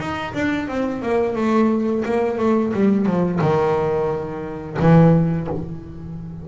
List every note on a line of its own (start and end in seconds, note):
0.00 0.34 D#4
0.34 0.68 D4
0.68 1.03 C4
1.03 1.36 A#3
1.36 2.05 A3
2.05 2.39 A#3
2.39 2.73 A3
2.74 3.07 G3
3.07 3.41 F3
3.42 4.78 D#3
4.80 5.48 E3